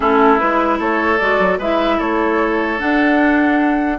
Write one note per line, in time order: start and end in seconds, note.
0.00 0.40 A3
0.00 0.38 C#4
0.00 0.79 E4
0.00 0.39 A4
0.38 0.79 G#3
0.38 1.18 E4
0.38 0.79 B4
0.79 1.19 A3
0.79 1.58 A4
0.79 1.18 C#5
1.18 1.39 G#3
1.18 1.60 F#4
1.18 1.58 D5
1.39 1.58 F#3
1.58 1.98 G#3
1.58 2.78 E4
1.58 1.97 B4
1.58 1.99 E5
1.97 2.80 A3
1.97 3.97 A4
1.97 2.79 C#5
2.78 3.98 D4
2.78 3.98 F#5